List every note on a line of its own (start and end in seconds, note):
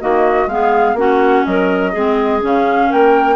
0.00 0.46 D#3
0.00 0.48 A#3
0.00 0.49 F#4
0.00 0.48 D#5
0.46 0.94 G#3
0.46 0.97 B3
0.46 0.96 G#4
0.46 0.97 F5
0.94 1.42 A#3
0.94 1.93 C#4
0.94 1.45 F#4
0.94 1.45 F#5
1.45 1.95 F#3
1.45 1.92 A#4
1.45 2.42 D#5
1.92 2.43 G#3
1.92 2.41 C4
1.92 2.89 G#4
2.41 2.91 C#3
2.41 3.36 C#4
2.41 2.91 F5
2.89 3.36 A#3
2.89 3.36 A#4
2.89 3.36 G5